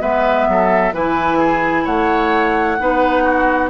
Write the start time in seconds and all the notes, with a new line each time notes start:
0.00 G#3 B3 B4 E5
0.48 F#3 A4
0.93 E3 E4 B4 G#5
1.38 G#4
1.85 A3 C#5 F#5
2.79 B3 D#4 B4
3.23 F#4